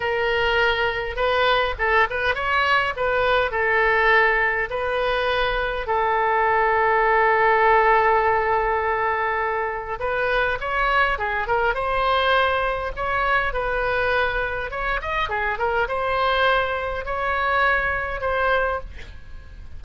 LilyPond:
\new Staff \with { instrumentName = "oboe" } { \time 4/4 \tempo 4 = 102 ais'2 b'4 a'8 b'8 | cis''4 b'4 a'2 | b'2 a'2~ | a'1~ |
a'4 b'4 cis''4 gis'8 ais'8 | c''2 cis''4 b'4~ | b'4 cis''8 dis''8 gis'8 ais'8 c''4~ | c''4 cis''2 c''4 | }